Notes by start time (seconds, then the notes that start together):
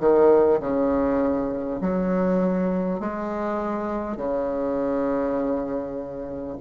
0.00 D#3
0.60 C#3
1.81 F#3
3.00 G#3
4.17 C#3